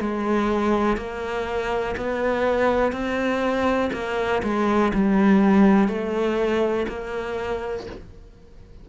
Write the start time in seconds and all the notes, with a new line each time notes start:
0.00 G#3
0.97 A#3
1.97 B3
2.92 C4
3.93 A#3
4.43 G#3
4.94 G3
5.88 A3
6.88 A#3